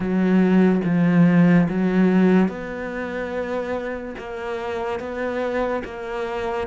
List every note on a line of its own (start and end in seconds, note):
0.00 0.81 F#3
0.84 1.67 F3
1.68 2.48 F#3
2.48 4.15 B3
4.18 4.99 A#3
4.99 5.83 B3
5.84 6.67 A#3